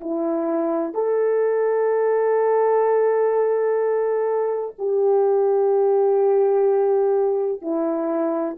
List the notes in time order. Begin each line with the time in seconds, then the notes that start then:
0.00 E4
0.94 A4
4.78 G4
7.61 E4